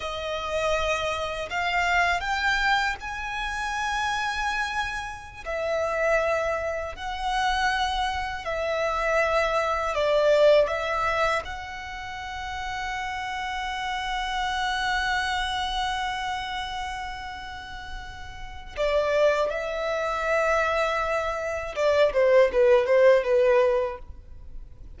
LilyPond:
\new Staff \with { instrumentName = "violin" } { \time 4/4 \tempo 4 = 80 dis''2 f''4 g''4 | gis''2.~ gis''16 e''8.~ | e''4~ e''16 fis''2 e''8.~ | e''4~ e''16 d''4 e''4 fis''8.~ |
fis''1~ | fis''1~ | fis''4 d''4 e''2~ | e''4 d''8 c''8 b'8 c''8 b'4 | }